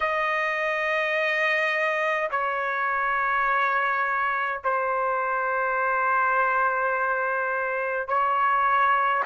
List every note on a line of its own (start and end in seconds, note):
0.00 2.29 D#5
2.30 4.61 C#5
4.64 8.08 C5
8.08 9.23 C#5